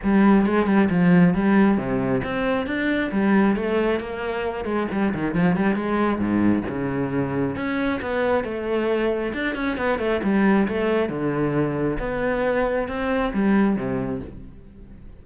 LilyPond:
\new Staff \with { instrumentName = "cello" } { \time 4/4 \tempo 4 = 135 g4 gis8 g8 f4 g4 | c4 c'4 d'4 g4 | a4 ais4. gis8 g8 dis8 | f8 g8 gis4 gis,4 cis4~ |
cis4 cis'4 b4 a4~ | a4 d'8 cis'8 b8 a8 g4 | a4 d2 b4~ | b4 c'4 g4 c4 | }